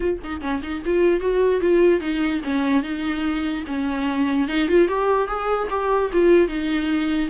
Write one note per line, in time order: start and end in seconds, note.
0.00 0.19 F4
0.23 0.41 D#4
0.41 0.61 C#4
0.62 0.82 D#4
0.85 1.20 F4
1.20 1.61 F#4
1.61 2.00 F4
2.00 2.41 D#4
2.44 2.82 C#4
2.82 3.64 D#4
3.67 4.48 C#4
4.48 4.68 D#4
4.68 4.88 F4
4.88 5.27 G4
5.27 5.68 G#4
5.70 6.10 G4
6.12 6.48 F4
6.48 7.29 D#4